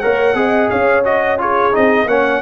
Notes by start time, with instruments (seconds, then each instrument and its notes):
0.00 tuba A#3, trombone A#4, horn C#5, trumpet F#5
0.34 tuba C4, trombone G#4, horn D#5
0.69 tuba C#4, horn C#5, trumpet F5
1.04 trombone F#4, trumpet D#5
1.38 trombone F4, horn G#4, trumpet C#5
1.72 tuba C4, trombone D#4, trumpet D#5
2.06 tuba A#3, trombone C#4, horn C#5, trumpet F#5